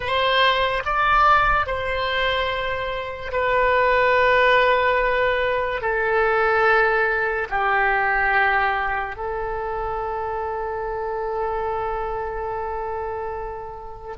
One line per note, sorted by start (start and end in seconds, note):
0.00 0.83 C5
0.85 1.66 D5
1.66 3.31 C5
3.31 5.81 B4
5.81 7.48 A4
7.49 9.16 G4
9.16 14.16 A4